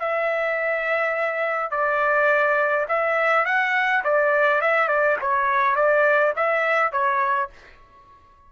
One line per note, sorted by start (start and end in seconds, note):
0.00 1.71 E5
1.71 2.86 D5
2.89 3.46 E5
3.46 4.03 F#5
4.04 4.61 D5
4.61 4.88 E5
4.88 5.17 D5
5.22 5.76 C#5
5.76 6.34 D5
6.36 6.92 E5
6.92 7.50 C#5